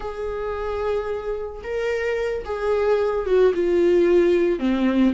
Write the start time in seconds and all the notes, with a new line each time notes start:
0.00 G#4
1.63 A#4
2.44 G#4
3.26 F#4
3.54 F4
4.59 C4